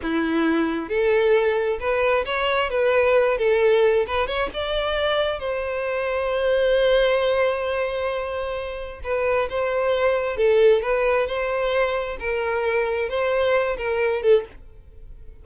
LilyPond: \new Staff \with { instrumentName = "violin" } { \time 4/4 \tempo 4 = 133 e'2 a'2 | b'4 cis''4 b'4. a'8~ | a'4 b'8 cis''8 d''2 | c''1~ |
c''1 | b'4 c''2 a'4 | b'4 c''2 ais'4~ | ais'4 c''4. ais'4 a'8 | }